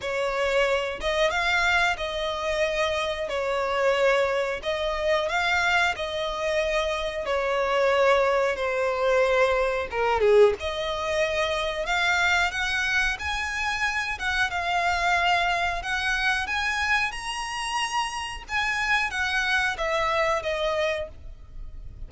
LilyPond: \new Staff \with { instrumentName = "violin" } { \time 4/4 \tempo 4 = 91 cis''4. dis''8 f''4 dis''4~ | dis''4 cis''2 dis''4 | f''4 dis''2 cis''4~ | cis''4 c''2 ais'8 gis'8 |
dis''2 f''4 fis''4 | gis''4. fis''8 f''2 | fis''4 gis''4 ais''2 | gis''4 fis''4 e''4 dis''4 | }